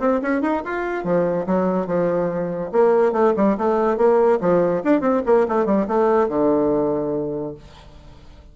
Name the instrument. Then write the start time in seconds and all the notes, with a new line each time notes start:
bassoon
0.00 C4
0.22 C#4
0.42 D#4
0.65 F4
1.04 F3
1.47 F#3
1.87 F3
2.72 A#3
3.13 A3
3.36 G3
3.58 A3
3.97 A#3
4.41 F3
4.84 D4
5.01 C4
5.26 A#3
5.49 A3
5.66 G3
5.88 A3
6.29 D3